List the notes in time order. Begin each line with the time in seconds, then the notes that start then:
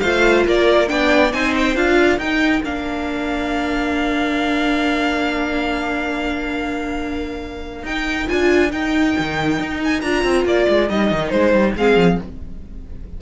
0.00 A3 F4 C5 F5
0.46 A#3 A#4 D5
0.88 B3 D4 D5 G5
1.32 C4 D#4 C5 G#5
1.57 G5
1.76 D4 F4 F5
1.99 A#4
2.18 D#4 G5
2.63 A#3 D4 F5
7.83 D#4 G5
8.28 D4 F4 G#5
8.70 D#4 G5
9.19 D#3
9.59 D#4
9.84 G#5
10.01 D4 F4 A#5
10.23 C4
10.45 A#3 D5
10.69 G#3
10.89 G3 D#4 D#5
11.12 D#3
11.30 G#3 C5
11.53 G3
11.75 G#3 C4 G#4 F5
11.96 F3